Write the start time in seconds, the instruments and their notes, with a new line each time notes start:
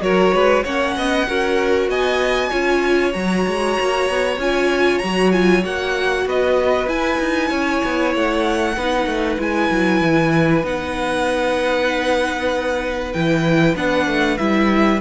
0.00 cello F#3, viola F#4, violin A#4 C#5
0.33 cello G#3, violin B4
0.63 cello A#3, viola C#4, violin C#5 F#5
0.96 cello B3, violin D#5
1.27 cello C#4, viola F#4, violin A#4
1.88 cello B3, violin D#5 G#5
2.49 cello C#4, viola F4, violin C#5
3.12 cello F#3, viola F#4, violin A#5
3.47 cello G#3
3.79 cello A#3
4.09 cello B3
4.37 cello C#4, viola F4, violin G#5
4.98 cello F#3, viola F#4, violin A#5
5.32 viola F4, violin G#5
5.62 cello A#3, viola F#4, violin F#5
6.25 cello B3, violin B4 D#5
6.87 cello E4, viola E4, violin G#5
7.19 cello D#4
7.49 cello C#4, violin C#5
7.84 cello B3
8.15 cello A3, violin F#5
8.76 cello B3, viola D#4, violin B4
9.05 cello A3
9.38 cello G#3, viola E4, violin G#5
9.70 cello F#3
10.01 cello E3
10.63 cello B3, viola D#4, violin F#5
13.12 cello E3, viola E4, violin G5
13.75 cello B3, viola D4, violin F#5
14.06 cello A3
14.37 cello G3, viola E4, violin E5